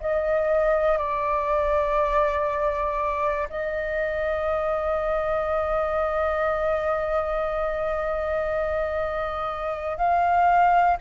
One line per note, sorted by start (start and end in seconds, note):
0.00 0.98 D#5
0.98 3.48 D5
3.49 9.97 D#5
9.97 10.97 F5